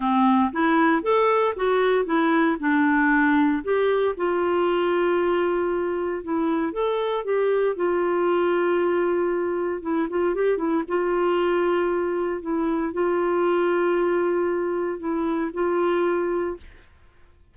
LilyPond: \new Staff \with { instrumentName = "clarinet" } { \time 4/4 \tempo 4 = 116 c'4 e'4 a'4 fis'4 | e'4 d'2 g'4 | f'1 | e'4 a'4 g'4 f'4~ |
f'2. e'8 f'8 | g'8 e'8 f'2. | e'4 f'2.~ | f'4 e'4 f'2 | }